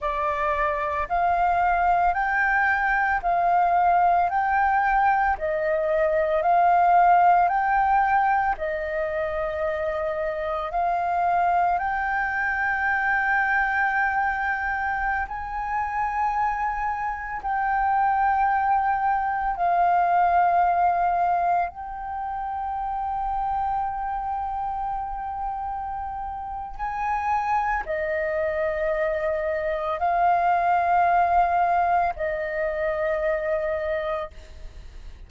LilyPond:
\new Staff \with { instrumentName = "flute" } { \time 4/4 \tempo 4 = 56 d''4 f''4 g''4 f''4 | g''4 dis''4 f''4 g''4 | dis''2 f''4 g''4~ | g''2~ g''16 gis''4.~ gis''16~ |
gis''16 g''2 f''4.~ f''16~ | f''16 g''2.~ g''8.~ | g''4 gis''4 dis''2 | f''2 dis''2 | }